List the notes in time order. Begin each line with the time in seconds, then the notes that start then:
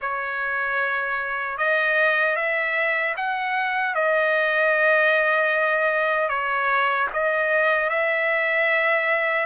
0.01 C#5
1.57 D#5
2.35 E5
3.17 F#5
3.94 D#5
6.28 C#5
7.13 D#5
7.89 E5